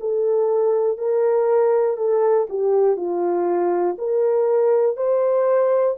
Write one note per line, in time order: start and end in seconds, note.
0.00 0.97 A4
0.97 1.97 A#4
1.97 2.47 A4
2.49 2.96 G4
2.96 3.96 F4
3.98 4.97 A#4
4.97 5.97 C5